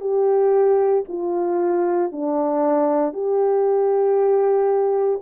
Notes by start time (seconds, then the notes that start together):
0.00 G4
1.08 F4
2.12 D4
3.13 G4